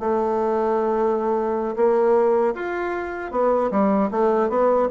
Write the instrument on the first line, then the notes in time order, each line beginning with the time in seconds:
bassoon
0.00 A3
1.76 A#3
2.55 F4
3.32 B3
3.71 G3
4.11 A3
4.49 B3